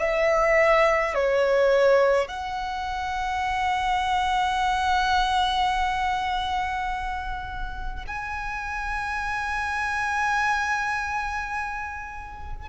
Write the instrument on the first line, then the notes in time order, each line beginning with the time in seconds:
violin
0.00 E5
1.15 C#5
2.28 F#5
8.08 G#5